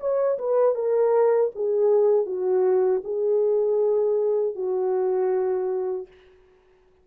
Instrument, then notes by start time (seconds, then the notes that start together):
horn
0.00 C#5
0.39 B4
0.75 A#4
1.55 G#4
2.26 F#4
3.04 G#4
4.55 F#4